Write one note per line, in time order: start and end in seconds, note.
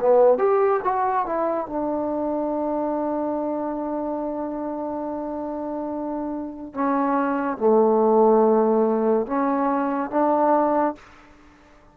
0.00 0.38 B3
0.38 0.80 G4
0.84 1.26 F#4
1.26 1.67 E4
1.67 6.74 D4
6.74 7.57 C#4
7.57 9.26 A3
9.26 10.11 C#4
10.11 10.95 D4